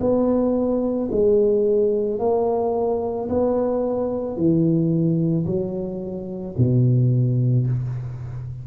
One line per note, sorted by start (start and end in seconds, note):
0.00 1.09 B3
1.11 2.19 G#3
2.19 3.28 A#3
3.29 4.36 B3
4.36 5.45 E3
5.46 6.55 F#3
6.58 7.67 B2